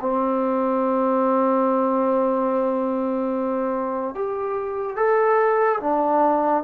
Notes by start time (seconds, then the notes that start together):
0.00 C4
4.15 G4
4.96 A4
5.80 D4